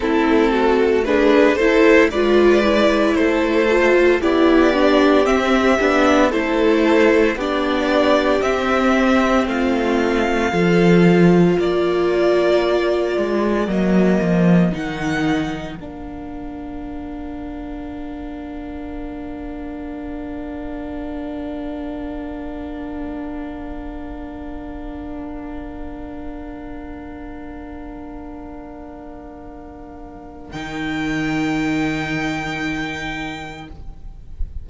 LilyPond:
<<
  \new Staff \with { instrumentName = "violin" } { \time 4/4 \tempo 4 = 57 a'4 b'8 c''8 d''4 c''4 | d''4 e''4 c''4 d''4 | e''4 f''2 d''4~ | d''4 dis''4 fis''4 f''4~ |
f''1~ | f''1~ | f''1~ | f''4 g''2. | }
  \new Staff \with { instrumentName = "violin" } { \time 4/4 e'8 fis'8 gis'8 a'8 b'4 a'4 | g'2 a'4 g'4~ | g'4 f'4 a'4 ais'4~ | ais'1~ |
ais'1~ | ais'1~ | ais'1~ | ais'1 | }
  \new Staff \with { instrumentName = "viola" } { \time 4/4 c'4 d'8 e'8 f'8 e'4 f'8 | e'8 d'8 c'8 d'8 e'4 d'4 | c'2 f'2~ | f'4 ais4 dis'4 d'4~ |
d'1~ | d'1~ | d'1~ | d'4 dis'2. | }
  \new Staff \with { instrumentName = "cello" } { \time 4/4 a2 gis4 a4 | b4 c'8 b8 a4 b4 | c'4 a4 f4 ais4~ | ais8 gis8 fis8 f8 dis4 ais4~ |
ais1~ | ais1~ | ais1~ | ais4 dis2. | }
>>